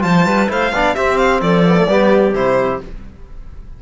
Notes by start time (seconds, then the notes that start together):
0.00 F3 F4 C5 A5
0.25 G3 B4
0.47 A3 E4 C5 F5
0.72 B3 D4 D5
0.95 C4 G4 E5
1.17 F5
1.41 F3 A4 D5
1.66 B3
1.75 A3
1.87 G3 B3 G4
2.34 C3 E4 C5